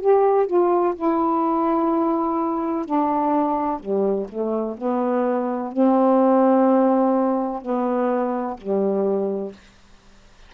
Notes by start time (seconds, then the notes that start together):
0.00 G4
0.46 F4
0.95 E4
2.85 D4
3.80 G3
4.29 A3
4.77 B3
5.72 C4
7.62 B3
8.57 G3